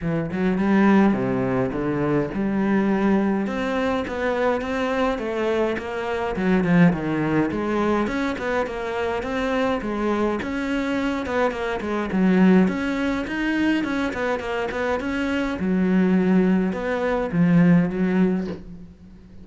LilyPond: \new Staff \with { instrumentName = "cello" } { \time 4/4 \tempo 4 = 104 e8 fis8 g4 c4 d4 | g2 c'4 b4 | c'4 a4 ais4 fis8 f8 | dis4 gis4 cis'8 b8 ais4 |
c'4 gis4 cis'4. b8 | ais8 gis8 fis4 cis'4 dis'4 | cis'8 b8 ais8 b8 cis'4 fis4~ | fis4 b4 f4 fis4 | }